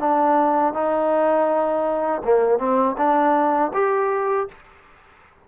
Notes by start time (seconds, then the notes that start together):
0.00 D4
0.74 D#4
2.24 A#3
2.59 C4
2.98 D4
3.74 G4